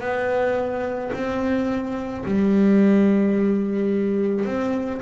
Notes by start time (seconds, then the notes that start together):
0.00 B3
1.13 C4
2.25 G3
4.45 C4